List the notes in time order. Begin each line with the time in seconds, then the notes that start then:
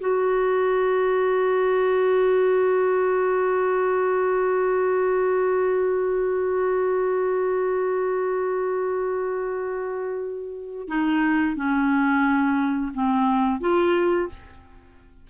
0.00 F#4
10.88 D#4
11.56 C#4
12.94 C4
13.61 F4